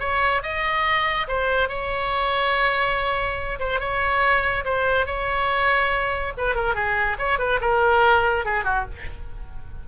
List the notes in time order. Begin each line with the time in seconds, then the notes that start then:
0.00 C#5
0.43 D#5
1.28 C5
1.69 C#5
3.59 C5
3.80 C#5
4.65 C5
5.06 C#5
6.37 B4
6.55 A#4
6.75 G#4
7.19 C#5
7.39 B4
7.61 A#4
8.45 G#4
8.64 F#4